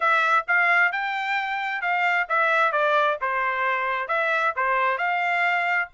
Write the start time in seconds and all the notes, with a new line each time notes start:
0.00 E5
0.47 F5
0.92 G5
1.81 F5
2.28 E5
2.72 D5
3.21 C5
4.08 E5
4.56 C5
4.98 F5